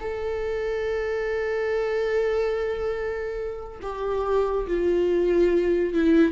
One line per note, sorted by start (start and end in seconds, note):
0.00 3.80 A4
3.82 4.67 G4
4.67 5.94 F4
5.94 6.32 E4